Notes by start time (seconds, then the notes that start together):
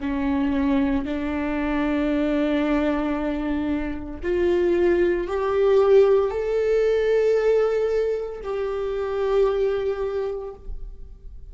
0.00 C#4
1.05 D4
4.23 F4
5.28 G4
6.31 A4
8.44 G4